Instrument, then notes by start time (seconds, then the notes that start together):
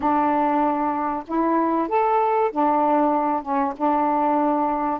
saxophone
0.00 D4
1.27 E4
1.88 A4
2.51 D4
3.42 C#4
3.76 D4